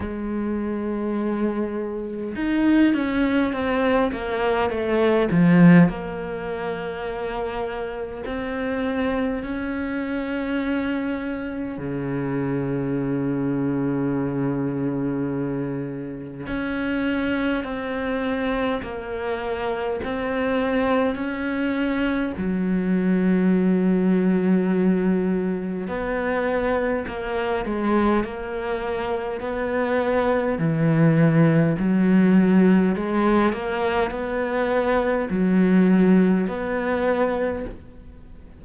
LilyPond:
\new Staff \with { instrumentName = "cello" } { \time 4/4 \tempo 4 = 51 gis2 dis'8 cis'8 c'8 ais8 | a8 f8 ais2 c'4 | cis'2 cis2~ | cis2 cis'4 c'4 |
ais4 c'4 cis'4 fis4~ | fis2 b4 ais8 gis8 | ais4 b4 e4 fis4 | gis8 ais8 b4 fis4 b4 | }